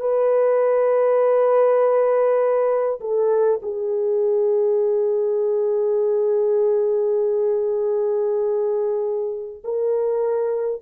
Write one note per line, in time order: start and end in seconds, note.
0.00 3.00 B4
3.00 3.60 A4
3.62 9.62 G#4
9.64 10.82 A#4